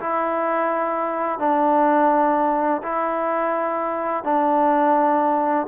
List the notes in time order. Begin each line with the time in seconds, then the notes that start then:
0.00 E4
1.39 D4
2.83 E4
4.24 D4